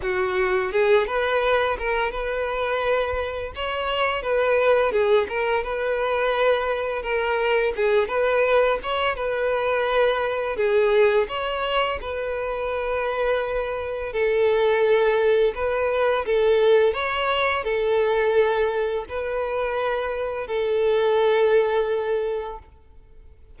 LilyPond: \new Staff \with { instrumentName = "violin" } { \time 4/4 \tempo 4 = 85 fis'4 gis'8 b'4 ais'8 b'4~ | b'4 cis''4 b'4 gis'8 ais'8 | b'2 ais'4 gis'8 b'8~ | b'8 cis''8 b'2 gis'4 |
cis''4 b'2. | a'2 b'4 a'4 | cis''4 a'2 b'4~ | b'4 a'2. | }